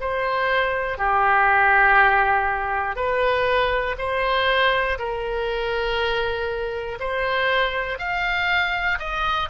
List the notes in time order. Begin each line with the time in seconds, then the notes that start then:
0.00 C5
0.98 G4
2.96 B4
3.98 C5
4.98 A#4
7.00 C5
7.98 F5
8.99 D#5